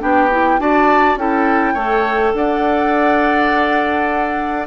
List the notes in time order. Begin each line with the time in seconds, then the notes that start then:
0.00 B3 D4 G4 G5
0.32 E4
0.59 D4 F#4 D5 A5
1.16 C#4 E4 A4 G5
1.74 A3 A4 C#5
2.34 D4 D5 F#5